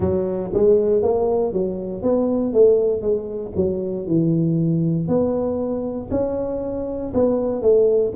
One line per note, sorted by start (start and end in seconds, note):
0.00 0.51 F#3
0.53 1.02 G#3
1.02 1.53 A#3
1.53 2.02 F#3
2.02 2.53 B3
2.53 3.01 A3
3.01 3.52 G#3
3.55 4.06 F#3
4.07 5.08 E3
5.08 6.09 B3
6.11 7.12 C#4
7.14 7.62 B3
7.62 8.13 A3